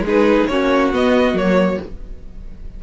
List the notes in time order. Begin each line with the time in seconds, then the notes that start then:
0.00 G#3 G#4
0.06 D#4 B4
0.47 A#3 C#4 F#4 C#5
0.93 B3 D#5
1.33 F#3 A#3 C#5